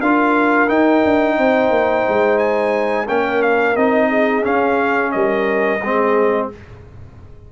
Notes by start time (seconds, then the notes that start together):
0.00 D4 F4 A#4 F5
0.68 D#4 G5
1.04 D4
1.36 C4 C5
1.69 A#3
2.08 G#3
2.38 G#5
3.08 A#3 C#4 A#4 G5
3.42 F5
3.76 C4 D#4 D#5
4.08 G#4
4.42 C#4 F5
5.11 G3 A#4 D#5
5.81 G#3 C4 G#4